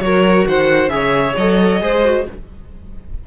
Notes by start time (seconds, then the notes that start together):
0.00 F#3 F#4 A#4 C#5
0.47 D#3 C5 F#5
0.88 C#3 G#4 C#5 E5
1.37 F#3 A4 D#5
1.81 G#3 G#4 C5
2.05 F#4